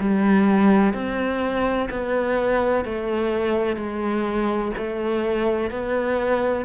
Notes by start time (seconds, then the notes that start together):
0.00 G3
0.94 C4
1.90 B3
2.85 A3
3.77 G#3
4.78 A3
5.71 B3